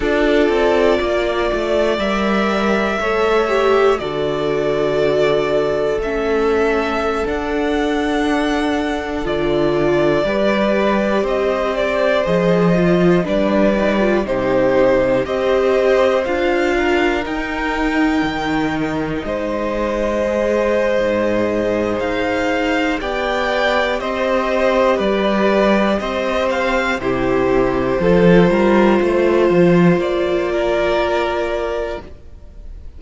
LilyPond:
<<
  \new Staff \with { instrumentName = "violin" } { \time 4/4 \tempo 4 = 60 d''2 e''2 | d''2 e''4~ e''16 fis''8.~ | fis''4~ fis''16 d''2 dis''8 d''16~ | d''16 dis''4 d''4 c''4 dis''8.~ |
dis''16 f''4 g''2 dis''8.~ | dis''2 f''4 g''4 | dis''4 d''4 dis''8 f''8 c''4~ | c''2 d''2 | }
  \new Staff \with { instrumentName = "violin" } { \time 4/4 a'4 d''2 cis''4 | a'1~ | a'2~ a'16 b'4 c''8.~ | c''4~ c''16 b'4 g'4 c''8.~ |
c''8. ais'2~ ais'8 c''8.~ | c''2. d''4 | c''4 b'4 c''4 g'4 | a'8 ais'8 c''4. ais'4. | }
  \new Staff \with { instrumentName = "viola" } { \time 4/4 f'2 ais'4 a'8 g'8 | fis'2 cis'4~ cis'16 d'8.~ | d'4~ d'16 f'4 g'4.~ g'16~ | g'16 gis'8 f'8 d'8 dis'16 f'16 dis'4 g'8.~ |
g'16 f'4 dis'2~ dis'8.~ | dis'16 gis'2~ gis'8. g'4~ | g'2. e'4 | f'1 | }
  \new Staff \with { instrumentName = "cello" } { \time 4/4 d'8 c'8 ais8 a8 g4 a4 | d2 a4~ a16 d'8.~ | d'4~ d'16 d4 g4 c'8.~ | c'16 f4 g4 c4 c'8.~ |
c'16 d'4 dis'4 dis4 gis8.~ | gis4 gis,4 dis'4 b4 | c'4 g4 c'4 c4 | f8 g8 a8 f8 ais2 | }
>>